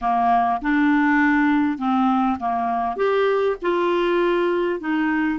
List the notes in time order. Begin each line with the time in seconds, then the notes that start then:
0.01 A#3
0.61 D4
1.78 C4
2.39 A#3
2.96 G4
3.62 F4
4.80 D#4